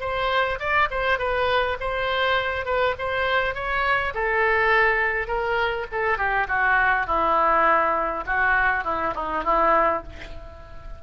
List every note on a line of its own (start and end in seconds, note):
0.00 0.59 C5
0.59 0.89 D5
0.90 1.18 C5
1.18 1.77 B4
1.80 2.65 C5
2.65 2.94 B4
2.98 3.55 C5
3.55 4.13 C#5
4.14 5.27 A4
5.27 5.86 A#4
5.92 6.18 A4
6.18 6.47 G4
6.48 7.06 F#4
7.06 8.24 E4
8.26 8.84 F#4
8.84 9.13 E4
9.15 9.44 D#4
9.44 10.03 E4